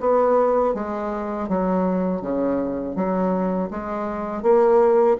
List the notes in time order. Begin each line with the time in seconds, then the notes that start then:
0.00 B3
0.74 G#3
1.49 F#3
2.22 C#3
2.95 F#3
3.71 G#3
4.42 A#3